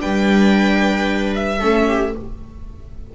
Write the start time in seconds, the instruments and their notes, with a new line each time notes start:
0.00 double bass G3, viola D4 B4, violin G5
1.35 violin E5
1.59 double bass A3, viola C#4 A4
1.88 viola G4